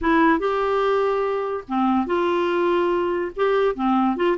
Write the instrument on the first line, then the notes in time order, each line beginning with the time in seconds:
clarinet
0.01 E4
0.39 G4
1.68 C4
2.06 F4
3.35 G4
3.75 C4
4.16 F4